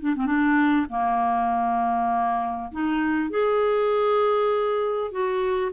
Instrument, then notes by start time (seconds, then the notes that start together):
clarinet
0.00 D4
0.15 C4
0.26 D4
0.89 A#3
2.72 D#4
3.30 G#4
5.11 F#4